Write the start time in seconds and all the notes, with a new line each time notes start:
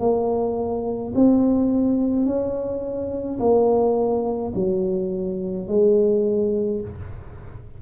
0.00 A#3
1.15 C4
2.26 C#4
3.40 A#3
4.55 F#3
5.68 G#3